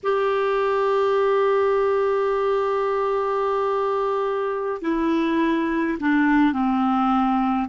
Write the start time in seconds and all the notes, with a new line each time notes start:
0.03 G4
4.81 E4
5.99 D4
6.52 C4